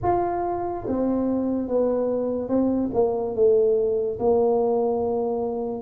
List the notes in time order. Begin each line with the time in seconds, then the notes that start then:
0.02 F4
0.87 C4
1.68 B3
2.48 C4
2.93 A#3
3.35 A3
4.19 A#3